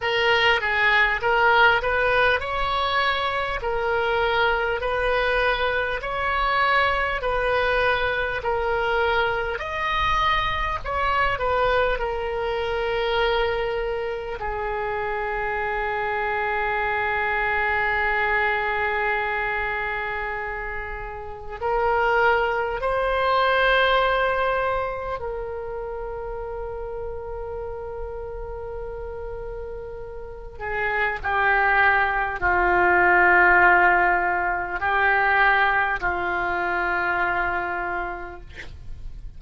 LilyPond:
\new Staff \with { instrumentName = "oboe" } { \time 4/4 \tempo 4 = 50 ais'8 gis'8 ais'8 b'8 cis''4 ais'4 | b'4 cis''4 b'4 ais'4 | dis''4 cis''8 b'8 ais'2 | gis'1~ |
gis'2 ais'4 c''4~ | c''4 ais'2.~ | ais'4. gis'8 g'4 f'4~ | f'4 g'4 f'2 | }